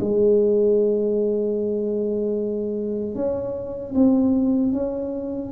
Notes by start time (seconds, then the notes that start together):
0.00 G#3
3.15 C#4
3.94 C4
4.72 C#4